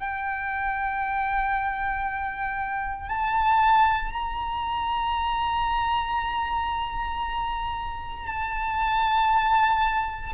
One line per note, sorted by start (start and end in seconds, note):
0.00 3.09 G5
3.09 4.13 A5
4.13 8.27 A#5
8.27 10.34 A5